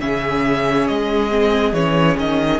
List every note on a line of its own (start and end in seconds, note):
0.00 0.88 C#3
0.00 1.30 C#4
0.00 2.60 G#4
0.00 0.87 E5
0.87 1.73 G#3
0.87 1.73 D#5
1.30 1.73 C4
1.73 2.16 E3
1.73 2.60 C#4
1.73 2.17 C#5
2.18 2.60 D#3
2.18 2.60 D#5